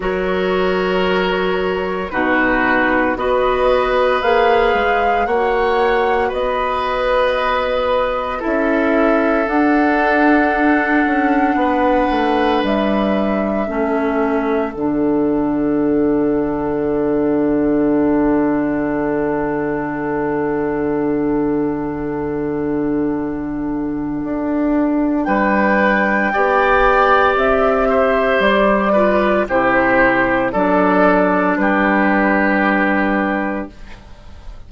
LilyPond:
<<
  \new Staff \with { instrumentName = "flute" } { \time 4/4 \tempo 4 = 57 cis''2 b'4 dis''4 | f''4 fis''4 dis''2 | e''4 fis''2. | e''2 fis''2~ |
fis''1~ | fis''1 | g''2 e''4 d''4 | c''4 d''4 b'2 | }
  \new Staff \with { instrumentName = "oboe" } { \time 4/4 ais'2 fis'4 b'4~ | b'4 cis''4 b'2 | a'2. b'4~ | b'4 a'2.~ |
a'1~ | a'1 | b'4 d''4. c''4 b'8 | g'4 a'4 g'2 | }
  \new Staff \with { instrumentName = "clarinet" } { \time 4/4 fis'2 dis'4 fis'4 | gis'4 fis'2. | e'4 d'2.~ | d'4 cis'4 d'2~ |
d'1~ | d'1~ | d'4 g'2~ g'8 f'8 | e'4 d'2. | }
  \new Staff \with { instrumentName = "bassoon" } { \time 4/4 fis2 b,4 b4 | ais8 gis8 ais4 b2 | cis'4 d'4. cis'8 b8 a8 | g4 a4 d2~ |
d1~ | d2. d'4 | g4 b4 c'4 g4 | c4 fis4 g2 | }
>>